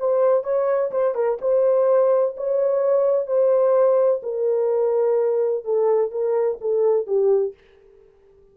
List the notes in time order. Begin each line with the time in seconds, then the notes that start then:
0.00 C5
0.44 C#5
0.91 C5
1.15 A#4
1.42 C5
2.37 C#5
3.27 C5
4.23 A#4
5.65 A4
6.11 A#4
6.61 A4
7.07 G4